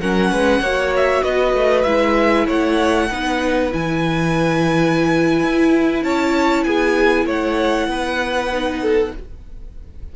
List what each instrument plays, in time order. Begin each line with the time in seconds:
0.00 cello F#3, viola C#4, violin A#4 F#5
0.31 cello G#3, violin B4
0.60 cello A#3, viola F#4, violin C#5
0.96 violin E5
1.23 cello B3, violin B4 D#5
1.53 cello A3
1.83 cello G#3, viola E4, violin E5
2.46 cello A3, violin C#5 F#5
3.10 cello B3, viola D#4, violin B4
3.71 cello E3, viola E4, violin G#5
5.43 cello E4
6.03 cello C#4, violin C#5 A5
6.64 cello B3, violin G#4 G#5
7.25 cello A3, violin C#5 F#5
7.87 cello B3, violin B4
8.51 viola D#4
8.81 violin A4